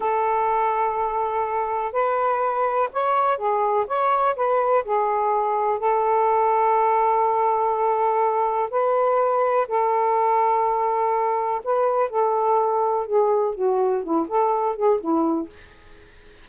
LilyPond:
\new Staff \with { instrumentName = "saxophone" } { \time 4/4 \tempo 4 = 124 a'1 | b'2 cis''4 gis'4 | cis''4 b'4 gis'2 | a'1~ |
a'2 b'2 | a'1 | b'4 a'2 gis'4 | fis'4 e'8 a'4 gis'8 e'4 | }